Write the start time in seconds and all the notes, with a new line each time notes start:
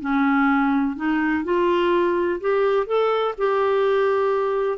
0.00 C#4
0.96 D#4
1.44 F4
2.40 G4
2.87 A4
3.38 G4